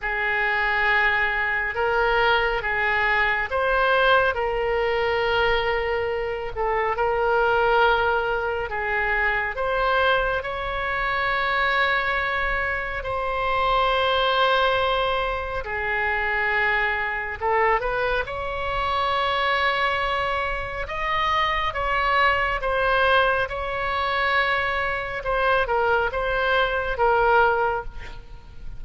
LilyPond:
\new Staff \with { instrumentName = "oboe" } { \time 4/4 \tempo 4 = 69 gis'2 ais'4 gis'4 | c''4 ais'2~ ais'8 a'8 | ais'2 gis'4 c''4 | cis''2. c''4~ |
c''2 gis'2 | a'8 b'8 cis''2. | dis''4 cis''4 c''4 cis''4~ | cis''4 c''8 ais'8 c''4 ais'4 | }